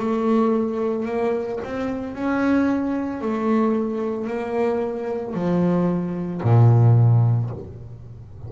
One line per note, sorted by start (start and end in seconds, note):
0.00 1.06 A3
1.06 1.60 A#3
1.65 2.15 C4
2.15 3.22 C#4
3.22 4.28 A3
4.28 5.35 A#3
5.35 6.41 F3
6.43 7.50 A#2